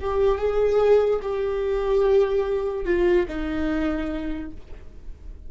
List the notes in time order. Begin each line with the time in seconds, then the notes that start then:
0.00 G4
0.38 G#4
1.22 G4
2.85 F4
3.28 D#4